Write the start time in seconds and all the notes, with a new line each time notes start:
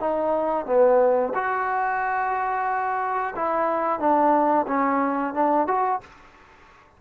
0.00 D#4
0.66 B3
1.35 F#4
3.36 E4
4.00 D4
4.68 C#4
5.34 D4
5.68 F#4